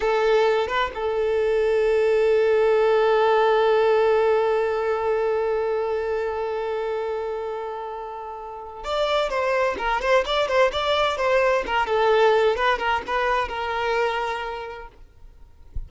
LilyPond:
\new Staff \with { instrumentName = "violin" } { \time 4/4 \tempo 4 = 129 a'4. b'8 a'2~ | a'1~ | a'1~ | a'1~ |
a'2. d''4 | c''4 ais'8 c''8 d''8 c''8 d''4 | c''4 ais'8 a'4. b'8 ais'8 | b'4 ais'2. | }